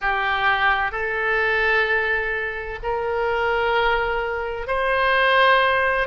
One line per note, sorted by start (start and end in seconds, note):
0.01 0.91 G4
0.91 2.79 A4
2.83 4.67 A#4
4.67 6.07 C5